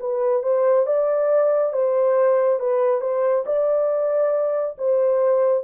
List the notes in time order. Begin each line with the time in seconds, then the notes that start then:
0.00 B4
0.43 C5
0.86 D5
1.73 C5
2.60 B4
3.01 C5
3.46 D5
4.78 C5